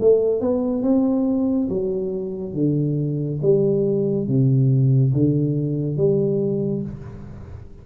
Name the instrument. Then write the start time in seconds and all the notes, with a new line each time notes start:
tuba
0.00 A3
0.41 B3
0.82 C4
1.69 F#3
2.53 D3
3.42 G3
4.27 C3
5.13 D3
5.96 G3